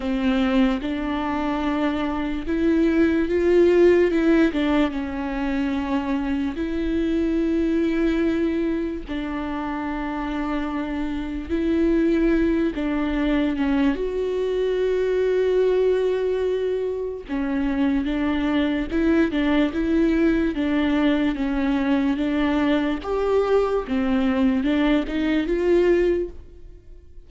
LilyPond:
\new Staff \with { instrumentName = "viola" } { \time 4/4 \tempo 4 = 73 c'4 d'2 e'4 | f'4 e'8 d'8 cis'2 | e'2. d'4~ | d'2 e'4. d'8~ |
d'8 cis'8 fis'2.~ | fis'4 cis'4 d'4 e'8 d'8 | e'4 d'4 cis'4 d'4 | g'4 c'4 d'8 dis'8 f'4 | }